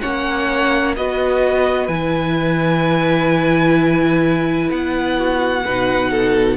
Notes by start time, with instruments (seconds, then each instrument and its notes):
0.00 cello A#3, viola C#4, violin C#5 F#5
0.96 cello B3, viola F#4, violin B4 D#5
1.87 cello E3, viola E4, violin G#5
4.71 cello B3, violin F#5
5.18 violin F#4
5.64 cello B2, viola D#4, violin B4
6.10 violin A4